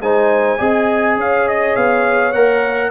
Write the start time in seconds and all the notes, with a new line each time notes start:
0.00 G#3 D#4 C5 G#5
0.58 C4 G#4 D#5
1.17 C#4 C#5 F5
1.48 D#5
1.76 B3 F5
2.32 A#3 A#4 F#5